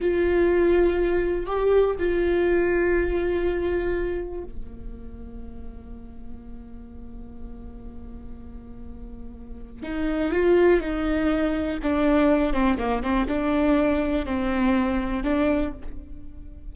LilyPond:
\new Staff \with { instrumentName = "viola" } { \time 4/4 \tempo 4 = 122 f'2. g'4 | f'1~ | f'4 ais2.~ | ais1~ |
ais1 | dis'4 f'4 dis'2 | d'4. c'8 ais8 c'8 d'4~ | d'4 c'2 d'4 | }